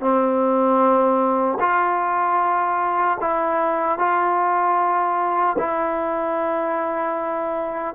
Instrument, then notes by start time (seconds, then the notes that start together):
trombone
0.00 C4
1.59 F4
3.20 E4
3.98 F4
5.58 E4